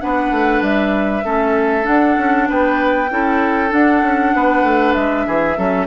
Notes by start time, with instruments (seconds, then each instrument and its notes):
0.00 bassoon B3, clarinet D4, oboe B4, flute F#5
0.32 bassoon A3
0.62 bassoon G3, flute E5
1.24 bassoon A3, clarinet C#4, oboe A4
1.83 clarinet D4, bassoon D4, flute F#5
2.18 bassoon C#4
2.49 bassoon B3, oboe B4, flute G5
3.11 bassoon C#4, clarinet E4, oboe A4
3.70 clarinet D4, bassoon D4, flute F#5
4.03 bassoon C#4
4.35 bassoon B3, oboe B4
4.64 bassoon A3
4.94 bassoon G#3, flute E5
5.27 bassoon E3, oboe G#4
5.57 bassoon F#3, clarinet C#4, oboe A4